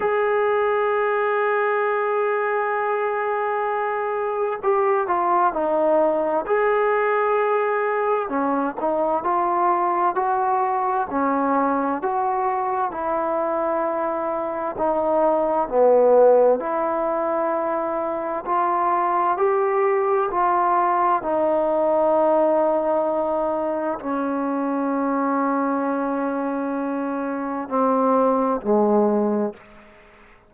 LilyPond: \new Staff \with { instrumentName = "trombone" } { \time 4/4 \tempo 4 = 65 gis'1~ | gis'4 g'8 f'8 dis'4 gis'4~ | gis'4 cis'8 dis'8 f'4 fis'4 | cis'4 fis'4 e'2 |
dis'4 b4 e'2 | f'4 g'4 f'4 dis'4~ | dis'2 cis'2~ | cis'2 c'4 gis4 | }